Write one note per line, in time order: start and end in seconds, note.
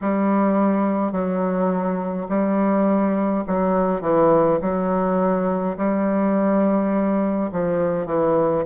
0.01 1.12 G3
1.12 2.27 F#3
2.28 3.44 G3
3.47 4.01 F#3
4.01 4.58 E3
4.61 5.76 F#3
5.77 7.50 G3
7.52 8.06 F3
8.06 8.63 E3